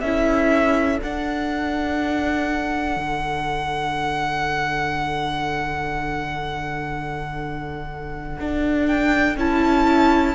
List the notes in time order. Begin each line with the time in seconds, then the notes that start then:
0.00 C#4 E4 A4 E5
1.00 D4 F#5
2.97 D3
8.40 D4
8.87 G5
9.36 C#4 E4 A5